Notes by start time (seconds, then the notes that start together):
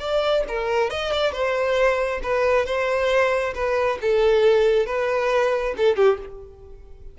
0.00 D5
0.49 A#4
0.91 D#5
1.13 D5
1.33 C5
2.24 B4
2.66 C5
3.55 B4
4.02 A4
4.87 B4
5.78 A4
5.97 G4